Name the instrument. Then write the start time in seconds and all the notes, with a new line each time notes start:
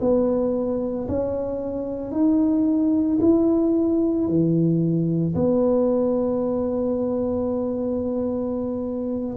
tuba
0.00 B3
1.08 C#4
2.11 D#4
3.20 E4
4.28 E3
5.35 B3